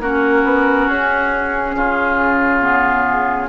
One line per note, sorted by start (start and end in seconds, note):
0.00 0.43 A#3
0.00 2.62 C#4
0.00 1.76 F#4
0.00 0.88 A#4
0.44 0.88 B3
0.88 1.75 C#4
0.88 3.49 G#4
1.75 3.49 C#3
1.75 3.49 F4
2.62 3.49 B3